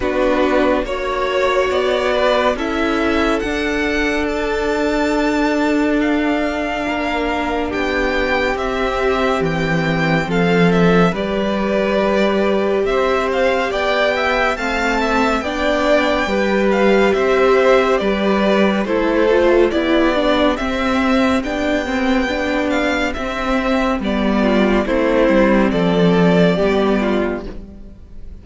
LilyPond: <<
  \new Staff \with { instrumentName = "violin" } { \time 4/4 \tempo 4 = 70 b'4 cis''4 d''4 e''4 | fis''4 a''2 f''4~ | f''4 g''4 e''4 g''4 | f''8 e''8 d''2 e''8 f''8 |
g''4 a''4 g''4. f''8 | e''4 d''4 c''4 d''4 | e''4 g''4. f''8 e''4 | d''4 c''4 d''2 | }
  \new Staff \with { instrumentName = "violin" } { \time 4/4 fis'4 cis''4. b'8 a'4~ | a'1 | ais'4 g'2. | a'4 b'2 c''4 |
d''8 e''8 f''8 e''8 d''4 b'4 | c''4 b'4 a'4 g'4~ | g'1~ | g'8 f'8 e'4 a'4 g'8 f'8 | }
  \new Staff \with { instrumentName = "viola" } { \time 4/4 d'4 fis'2 e'4 | d'1~ | d'2 c'2~ | c'4 g'2.~ |
g'4 c'4 d'4 g'4~ | g'2 e'8 f'8 e'8 d'8 | c'4 d'8 c'8 d'4 c'4 | b4 c'2 b4 | }
  \new Staff \with { instrumentName = "cello" } { \time 4/4 b4 ais4 b4 cis'4 | d'1 | ais4 b4 c'4 e4 | f4 g2 c'4 |
b4 a4 b4 g4 | c'4 g4 a4 b4 | c'4 b2 c'4 | g4 a8 g8 f4 g4 | }
>>